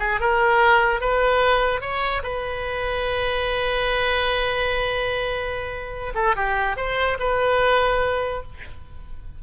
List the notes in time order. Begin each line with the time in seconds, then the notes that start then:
0.00 G#4
0.21 A#4
1.01 B4
1.82 C#5
2.23 B4
6.15 A4
6.36 G4
6.77 C5
7.20 B4